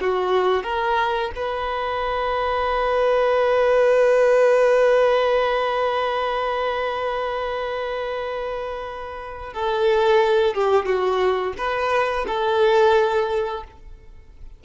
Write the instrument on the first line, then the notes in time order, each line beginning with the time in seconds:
violin
0.00 F#4
0.63 A#4
1.35 B4
9.53 A4
10.54 G4
10.85 F#4
11.57 B4
12.27 A4